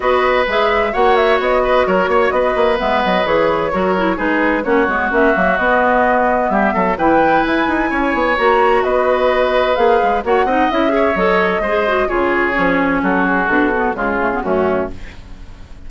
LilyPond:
<<
  \new Staff \with { instrumentName = "flute" } { \time 4/4 \tempo 4 = 129 dis''4 e''4 fis''8 e''8 dis''4 | cis''4 dis''4 e''8 dis''8 cis''4~ | cis''4 b'4 cis''4 e''4 | dis''2 e''4 g''4 |
gis''2 ais''4 dis''4~ | dis''4 f''4 fis''4 e''4 | dis''2 cis''2 | a'8 gis'8 a'4 gis'4 fis'4 | }
  \new Staff \with { instrumentName = "oboe" } { \time 4/4 b'2 cis''4. b'8 | ais'8 cis''8 b'2. | ais'4 gis'4 fis'2~ | fis'2 g'8 a'8 b'4~ |
b'4 cis''2 b'4~ | b'2 cis''8 dis''4 cis''8~ | cis''4 c''4 gis'2 | fis'2 f'4 cis'4 | }
  \new Staff \with { instrumentName = "clarinet" } { \time 4/4 fis'4 gis'4 fis'2~ | fis'2 b4 gis'4 | fis'8 e'8 dis'4 cis'8 b8 cis'8 ais8 | b2. e'4~ |
e'2 fis'2~ | fis'4 gis'4 fis'8 dis'8 e'8 gis'8 | a'4 gis'8 fis'8 f'4 cis'4~ | cis'4 d'8 b8 gis8 a16 b16 a4 | }
  \new Staff \with { instrumentName = "bassoon" } { \time 4/4 b4 gis4 ais4 b4 | fis8 ais8 b8 ais8 gis8 fis8 e4 | fis4 gis4 ais8 gis8 ais8 fis8 | b2 g8 fis8 e4 |
e'8 dis'8 cis'8 b8 ais4 b4~ | b4 ais8 gis8 ais8 c'8 cis'4 | fis4 gis4 cis4 f4 | fis4 b,4 cis4 fis,4 | }
>>